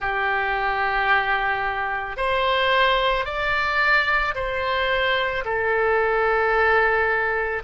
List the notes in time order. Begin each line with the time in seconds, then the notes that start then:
0.00 G4
2.16 C5
3.25 D5
4.34 C5
5.44 A4